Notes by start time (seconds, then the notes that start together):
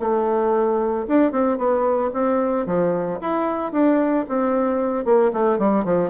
0.00 A3
1.08 D4
1.32 C4
1.58 B3
2.13 C4
2.66 F3
3.21 E4
3.72 D4
4.29 C4
5.05 A#3
5.33 A3
5.59 G3
5.85 F3